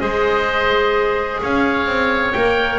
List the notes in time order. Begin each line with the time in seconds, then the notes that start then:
0.00 G#3 G#4 C5 D#5
1.42 C#4 C#5 F5
1.87 C4
2.33 A#3 A#4 G5